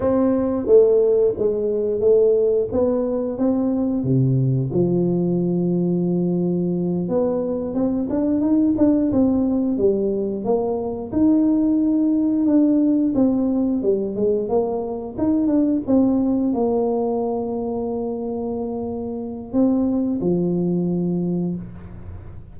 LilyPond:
\new Staff \with { instrumentName = "tuba" } { \time 4/4 \tempo 4 = 89 c'4 a4 gis4 a4 | b4 c'4 c4 f4~ | f2~ f8 b4 c'8 | d'8 dis'8 d'8 c'4 g4 ais8~ |
ais8 dis'2 d'4 c'8~ | c'8 g8 gis8 ais4 dis'8 d'8 c'8~ | c'8 ais2.~ ais8~ | ais4 c'4 f2 | }